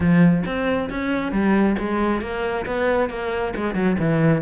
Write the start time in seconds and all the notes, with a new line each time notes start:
0.00 F3
0.45 C4
0.89 C#4
1.32 G3
1.78 G#3
2.21 A#3
2.66 B3
3.09 A#3
3.56 G#3
3.74 F#3
3.99 E3